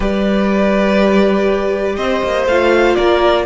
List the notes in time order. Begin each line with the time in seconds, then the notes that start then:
0.00 G3 G4 B4 D5
1.96 C4 C5 D#5
2.23 A#3
2.46 A3 F4 F5
2.94 A#3 A#4 D5